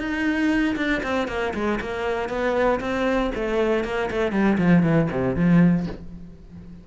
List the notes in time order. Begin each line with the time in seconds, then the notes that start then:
0.00 D#4
0.77 D4
1.04 C4
1.29 A#3
1.55 G#3
1.81 A#3
2.30 B3
2.81 C4
3.35 A3
3.85 A#3
4.11 A3
4.32 G3
4.58 F3
4.84 E3
5.12 C3
5.36 F3